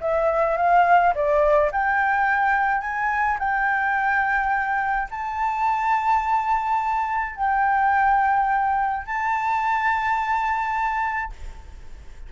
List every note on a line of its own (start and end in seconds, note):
0.00 0.57 E5
0.57 1.13 F5
1.14 1.71 D5
1.71 2.81 G5
2.81 3.37 G#5
3.39 5.08 G5
5.10 7.36 A5
7.36 9.05 G5
9.05 11.32 A5